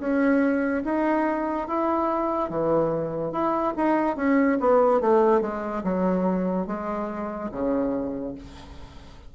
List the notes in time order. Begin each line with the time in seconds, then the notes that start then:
0.00 C#4
0.85 D#4
1.68 E4
2.50 E3
3.32 E4
3.77 D#4
4.17 C#4
4.60 B3
5.01 A3
5.42 G#3
5.84 F#3
6.67 G#3
7.52 C#3